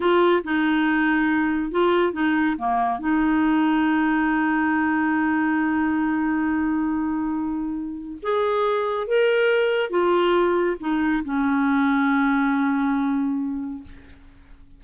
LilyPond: \new Staff \with { instrumentName = "clarinet" } { \time 4/4 \tempo 4 = 139 f'4 dis'2. | f'4 dis'4 ais4 dis'4~ | dis'1~ | dis'1~ |
dis'2. gis'4~ | gis'4 ais'2 f'4~ | f'4 dis'4 cis'2~ | cis'1 | }